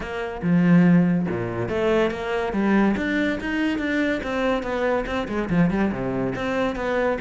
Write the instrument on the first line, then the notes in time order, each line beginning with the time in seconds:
cello
0.00 A#3
0.42 F3
1.28 A#2
1.69 A3
2.10 A#3
2.52 G3
2.97 D4
3.40 D#4
3.78 D4
4.23 C4
4.62 B3
5.06 C4
5.28 G#3
5.49 F3
5.70 G3
5.91 C3
6.35 C4
6.75 B3